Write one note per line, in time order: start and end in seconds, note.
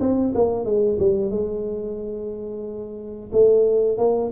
0.00 0.33 C4
0.34 0.65 A#3
0.65 0.98 G#3
0.99 1.30 G3
1.30 3.30 G#3
3.32 3.97 A3
3.97 4.31 A#3